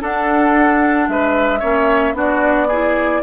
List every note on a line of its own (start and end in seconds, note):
0.00 1.61 D4
0.00 1.08 D4
0.00 1.08 A4
0.00 1.08 F#5
1.08 1.62 G#3
1.08 1.59 B4
1.08 2.15 E5
1.59 2.13 A#3
1.59 2.14 C#4
1.59 2.13 C#5
2.13 3.20 B3
2.13 2.67 D4
2.13 2.67 F#4
2.13 3.23 D5
2.67 3.23 E4
2.67 3.21 G#4